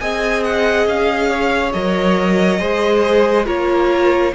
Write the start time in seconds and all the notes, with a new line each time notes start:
0.00 C4 G#4 D#5 G#5
0.44 F#5
0.87 C#4 F5
1.30 C#5
1.73 F#3 A#4 D#5
2.60 G#3 G#4 C5
3.46 A#3 F4 A#4 C#5